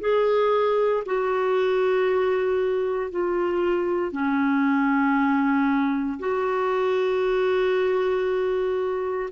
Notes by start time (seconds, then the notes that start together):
0.00 G#4
1.06 F#4
3.11 F4
4.12 C#4
6.19 F#4